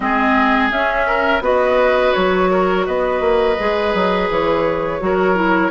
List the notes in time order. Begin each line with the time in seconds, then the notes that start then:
0.00 G#3 C4 G#4 D#5
0.70 C#4 E5
1.07 A#4
1.40 B3 F#4 B4 D#5
2.13 F#3 C#5
2.50 A#4
2.86 B3 B4 D#5
3.20 A#3
3.59 G#3 G#4
3.94 F#3
4.29 E3 C#5
4.99 F#3 F#4 A#4
5.35 E4